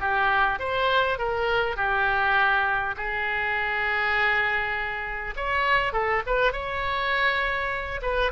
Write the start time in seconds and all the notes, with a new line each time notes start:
0.00 G4
0.59 C5
1.19 A#4
1.76 G4
2.97 G#4
5.37 C#5
5.93 A4
6.26 B4
6.52 C#5
8.02 B4